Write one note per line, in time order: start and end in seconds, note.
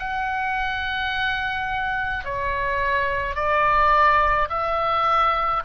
0.00 2.25 F#5
2.25 3.36 C#5
3.36 4.49 D5
4.50 5.63 E5